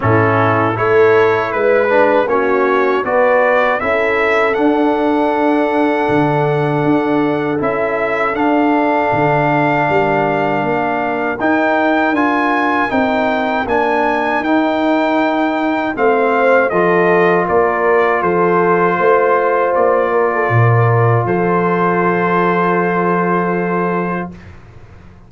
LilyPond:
<<
  \new Staff \with { instrumentName = "trumpet" } { \time 4/4 \tempo 4 = 79 a'4 cis''4 b'4 cis''4 | d''4 e''4 fis''2~ | fis''2 e''4 f''4~ | f''2. g''4 |
gis''4 g''4 gis''4 g''4~ | g''4 f''4 dis''4 d''4 | c''2 d''2 | c''1 | }
  \new Staff \with { instrumentName = "horn" } { \time 4/4 e'4 a'4 b'4 fis'4 | b'4 a'2.~ | a'1~ | a'4 ais'2.~ |
ais'1~ | ais'4 c''4 a'4 ais'4 | a'4 c''4. ais'16 a'16 ais'4 | a'1 | }
  \new Staff \with { instrumentName = "trombone" } { \time 4/4 cis'4 e'4. d'8 cis'4 | fis'4 e'4 d'2~ | d'2 e'4 d'4~ | d'2. dis'4 |
f'4 dis'4 d'4 dis'4~ | dis'4 c'4 f'2~ | f'1~ | f'1 | }
  \new Staff \with { instrumentName = "tuba" } { \time 4/4 a,4 a4 gis4 ais4 | b4 cis'4 d'2 | d4 d'4 cis'4 d'4 | d4 g4 ais4 dis'4 |
d'4 c'4 ais4 dis'4~ | dis'4 a4 f4 ais4 | f4 a4 ais4 ais,4 | f1 | }
>>